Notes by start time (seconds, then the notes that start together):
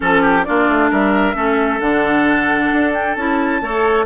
0.00 F3 C#4 A4
0.22 G4
0.44 A#3 D4 F4 D5
0.68 A3
0.90 G3 A#4 E5
1.34 A3 C#4 A4
1.80 D3 D4 F#5
2.72 D4
2.93 G5
3.15 C#4 E4 A5
3.61 A3 A4 C#5